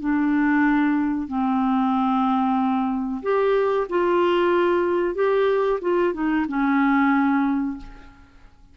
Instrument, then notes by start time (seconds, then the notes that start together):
clarinet
0.00 D4
1.28 C4
3.22 G4
3.89 F4
5.15 G4
5.81 F4
6.13 D#4
6.48 C#4